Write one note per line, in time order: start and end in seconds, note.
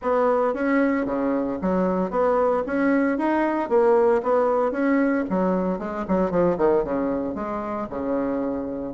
0.01 0.54 B3
0.54 1.05 C#4
1.05 1.58 C#3
1.61 2.10 F#3
2.10 2.63 B3
2.66 3.18 C#4
3.18 3.69 D#4
3.69 4.21 A#3
4.22 4.71 B3
4.71 5.24 C#4
5.29 5.78 F#3
5.78 6.05 G#3
6.07 6.31 F#3
6.31 6.57 F3
6.57 6.83 D#3
6.84 7.34 C#3
7.34 7.87 G#3
7.89 8.94 C#3